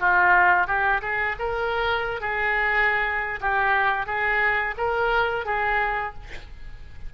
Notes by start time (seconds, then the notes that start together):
0.00 F4
0.67 G4
1.02 G#4
1.39 A#4
2.21 G#4
3.41 G4
4.07 G#4
4.78 A#4
5.45 G#4